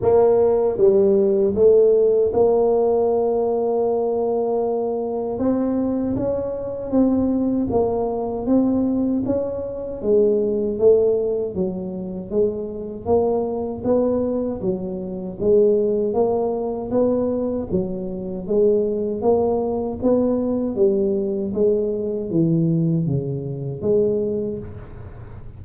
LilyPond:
\new Staff \with { instrumentName = "tuba" } { \time 4/4 \tempo 4 = 78 ais4 g4 a4 ais4~ | ais2. c'4 | cis'4 c'4 ais4 c'4 | cis'4 gis4 a4 fis4 |
gis4 ais4 b4 fis4 | gis4 ais4 b4 fis4 | gis4 ais4 b4 g4 | gis4 e4 cis4 gis4 | }